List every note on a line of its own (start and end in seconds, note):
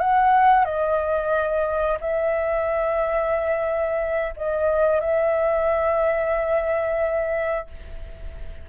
0.00 0.65 F#5
0.65 1.98 D#5
2.00 4.34 E5
4.36 5.00 D#5
5.00 7.67 E5